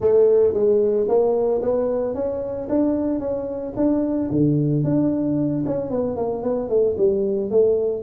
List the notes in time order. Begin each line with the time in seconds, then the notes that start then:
0.00 A3
0.53 G#3
1.08 A#3
1.62 B3
2.14 C#4
2.69 D4
3.19 C#4
3.76 D4
4.31 D3
4.84 D4
5.65 C#4
5.90 B3
6.16 A#3
6.42 B3
6.69 A3
6.97 G3
7.50 A3